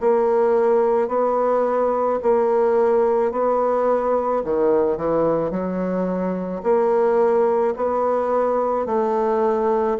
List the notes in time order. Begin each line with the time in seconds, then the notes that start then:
0.00 A#3
1.08 B3
2.22 A#3
3.31 B3
4.44 D#3
4.97 E3
5.51 F#3
6.63 A#3
7.76 B3
8.86 A3